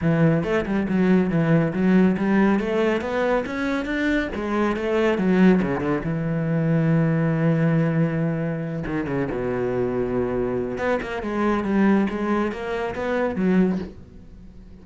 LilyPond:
\new Staff \with { instrumentName = "cello" } { \time 4/4 \tempo 4 = 139 e4 a8 g8 fis4 e4 | fis4 g4 a4 b4 | cis'4 d'4 gis4 a4 | fis4 cis8 d8 e2~ |
e1~ | e8 dis8 cis8 b,2~ b,8~ | b,4 b8 ais8 gis4 g4 | gis4 ais4 b4 fis4 | }